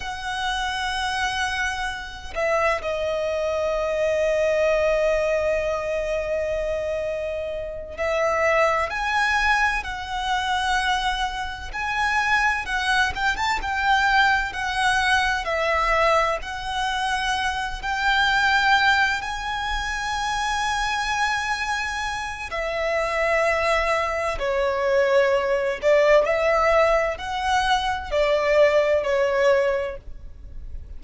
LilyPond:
\new Staff \with { instrumentName = "violin" } { \time 4/4 \tempo 4 = 64 fis''2~ fis''8 e''8 dis''4~ | dis''1~ | dis''8 e''4 gis''4 fis''4.~ | fis''8 gis''4 fis''8 g''16 a''16 g''4 fis''8~ |
fis''8 e''4 fis''4. g''4~ | g''8 gis''2.~ gis''8 | e''2 cis''4. d''8 | e''4 fis''4 d''4 cis''4 | }